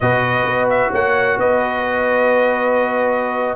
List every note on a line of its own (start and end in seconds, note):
0.00 0.45 B2
0.00 3.56 F#4
0.00 0.91 B4
0.00 0.68 D#5
0.45 0.91 B3
0.69 0.92 E5
0.91 1.37 A#3
0.91 1.37 C#5
0.91 1.39 F#5
1.37 3.56 B3
1.37 3.56 B4
1.37 3.56 D#5